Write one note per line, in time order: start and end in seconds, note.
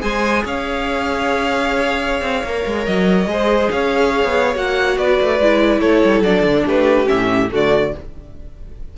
0.00 0.44 G#3
0.00 2.43 G#4
0.00 0.43 C5
0.00 0.44 G#5
0.44 2.22 C#4
0.44 3.30 C#5
0.44 2.85 F5
2.22 2.43 C4
2.43 2.65 A#3
2.43 3.28 A#4
2.65 2.86 G#3
2.85 3.26 F#3
2.85 3.70 D#5
3.26 3.68 G#3
3.26 4.54 G#4
3.26 3.72 C5
3.71 4.24 C#4
3.71 4.98 C#5
3.71 4.55 F5
4.24 4.55 B3
4.54 4.97 A#3
4.54 5.39 F#4
4.54 4.97 F#5
4.97 5.19 B3
4.97 5.79 B4
4.97 5.80 D5
5.20 5.39 A3
5.39 5.81 G#3
5.39 6.24 E4
5.79 6.03 A3
5.79 6.64 A4
5.79 6.22 C#5
6.04 6.21 G3
6.21 6.42 F#3
6.21 7.05 D4
6.21 6.65 D5
6.42 6.63 D3
6.65 7.08 A3
6.65 7.50 G4
6.65 7.08 B4
7.05 7.47 C#4
7.05 7.50 E5
7.11 7.52 A2
7.51 7.94 D3
7.51 7.93 A3
7.51 7.94 F#4
7.51 7.97 D5